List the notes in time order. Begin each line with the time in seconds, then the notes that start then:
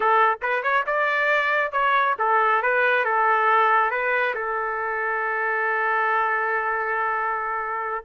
0.00 A4
0.42 B4
0.62 C#5
0.86 D5
1.72 C#5
2.18 A4
2.62 B4
3.05 A4
3.91 B4
4.35 A4